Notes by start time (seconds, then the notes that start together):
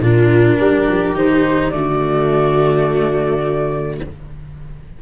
0.00 A#2 D4 F4 A#4
0.60 G3 G4
0.88 F3
1.15 D#3 D#4 C5
1.70 D3 A3 F#4 D5